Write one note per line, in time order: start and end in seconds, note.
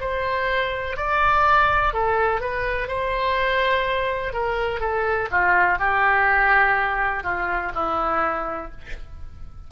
0.00 0.97 C5
0.97 1.93 D5
1.93 2.41 A4
2.41 2.88 B4
2.88 4.33 C5
4.33 4.80 A#4
4.80 5.28 A4
5.31 5.78 F4
5.78 7.23 G4
7.23 7.72 F4
7.75 8.71 E4